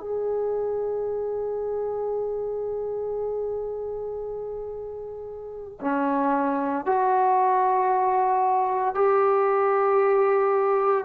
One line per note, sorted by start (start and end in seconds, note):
0.00 5.79 G#4
5.80 6.86 C#4
6.86 8.94 F#4
8.94 11.05 G4